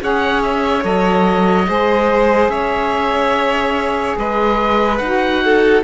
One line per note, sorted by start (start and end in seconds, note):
0.00 0.84 C#4
0.00 0.81 G#4
0.00 1.68 C#5
0.00 0.42 F#5
0.42 0.84 E5
0.81 1.67 F#3
0.81 1.65 A4
0.81 2.49 D#5
1.66 2.49 G#3
1.66 4.99 G#4
1.66 2.52 C5
2.49 4.15 C#4
2.49 4.18 C#5
2.49 4.16 E5
4.17 5.00 G#3
4.17 5.44 B4
4.17 4.98 D#5
4.98 5.83 D#4
4.98 5.84 F#4
4.98 5.81 F#5
5.44 5.84 A4